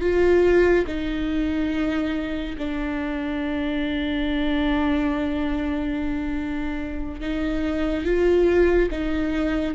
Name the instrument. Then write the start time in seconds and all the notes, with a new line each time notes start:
viola
0.00 F4
0.86 D#4
2.57 D4
7.20 D#4
8.04 F4
8.90 D#4